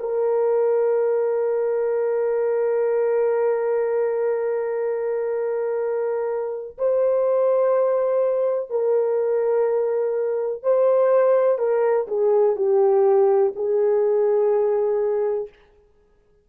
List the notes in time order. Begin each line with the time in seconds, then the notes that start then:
0.00 A#4
6.78 C5
8.71 A#4
10.63 C5
11.59 A#4
12.08 G#4
12.56 G4
13.56 G#4